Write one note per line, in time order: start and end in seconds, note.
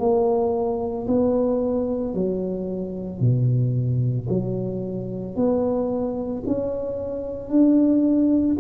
0.00 1.07 A#3
1.08 2.14 B3
2.14 3.20 F#3
3.20 4.28 B2
4.30 5.36 F#3
5.36 6.43 B3
6.47 7.50 C#4
7.50 8.57 D4